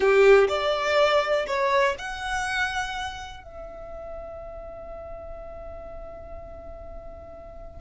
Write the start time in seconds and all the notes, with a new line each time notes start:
0.00 G4
0.48 D5
1.47 C#5
1.98 F#5
3.43 E5